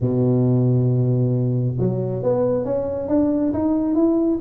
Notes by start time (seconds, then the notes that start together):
0.00 B2
1.78 F#3
2.22 B3
2.64 C#4
3.08 D4
3.53 D#4
3.94 E4